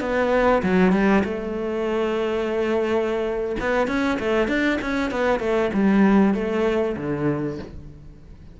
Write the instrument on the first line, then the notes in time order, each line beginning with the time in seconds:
cello
0.00 B3
0.62 F#3
0.92 G3
1.24 A3
3.60 B3
3.87 C#4
4.19 A3
4.48 D4
4.81 C#4
5.11 B3
5.40 A3
5.73 G3
6.34 A3
6.97 D3